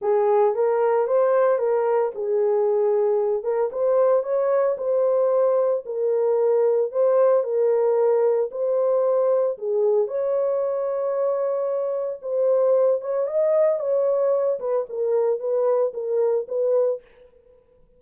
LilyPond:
\new Staff \with { instrumentName = "horn" } { \time 4/4 \tempo 4 = 113 gis'4 ais'4 c''4 ais'4 | gis'2~ gis'8 ais'8 c''4 | cis''4 c''2 ais'4~ | ais'4 c''4 ais'2 |
c''2 gis'4 cis''4~ | cis''2. c''4~ | c''8 cis''8 dis''4 cis''4. b'8 | ais'4 b'4 ais'4 b'4 | }